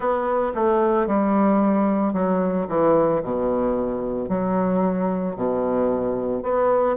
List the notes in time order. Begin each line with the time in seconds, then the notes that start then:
0.00 B3
0.54 A3
1.06 G3
2.13 F#3
2.68 E3
3.22 B2
4.29 F#3
5.36 B2
6.42 B3